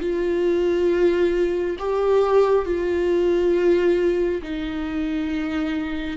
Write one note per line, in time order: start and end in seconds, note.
0.00 1.76 F4
1.78 2.65 G4
2.65 4.42 F4
4.42 6.17 D#4